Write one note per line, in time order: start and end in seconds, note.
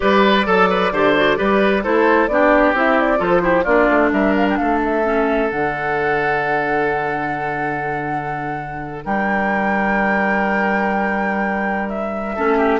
0.00 0.47 G3
0.00 0.45 G4
0.00 0.46 B4
0.00 1.82 D5
0.46 0.91 F#3
0.46 0.69 A4
0.46 0.92 A4
0.69 0.92 B4
0.91 1.37 D3
0.91 1.16 G4
0.91 1.38 C5
1.16 1.36 F#4
1.36 1.85 G3
1.36 1.82 G4
1.36 1.83 B4
1.83 2.28 A3
1.83 2.29 E4
1.83 2.29 A4
1.83 2.27 C5
2.27 2.73 B3
2.27 2.75 D4
2.27 3.18 G4
2.27 2.73 D5
2.73 3.19 C4
2.73 3.17 E4
2.73 3.00 E5
3.00 3.22 D5
3.17 3.65 F3
3.17 3.40 F4
3.17 3.41 A4
3.17 3.64 C5
3.40 3.63 E4
3.40 3.63 G4
3.63 3.88 A#3
3.63 5.03 D4
3.63 4.09 F4
3.63 4.09 D5
3.90 4.12 A3
4.12 4.57 G3
4.12 4.59 A#4
4.12 4.35 E5
4.36 4.47 F5
4.49 4.56 G5
4.56 5.51 A3
4.56 9.04 A4
4.56 4.79 F5
4.83 5.50 E5
5.03 5.49 C#4
5.49 9.05 D3
5.49 12.36 D4
5.49 9.04 F#5
9.04 12.37 G3
9.04 12.35 A#4
9.04 11.89 G5
11.89 12.79 E5
12.35 12.79 A3
12.35 12.79 C#4
12.35 12.57 A4
12.57 12.79 G4